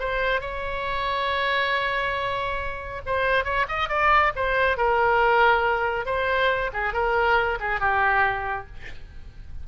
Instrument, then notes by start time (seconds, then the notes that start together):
oboe
0.00 C5
0.41 C#5
3.07 C5
3.44 C#5
3.69 D#5
3.89 D5
4.36 C5
4.78 A#4
6.06 C5
6.74 G#4
6.93 A#4
7.60 G#4
7.80 G4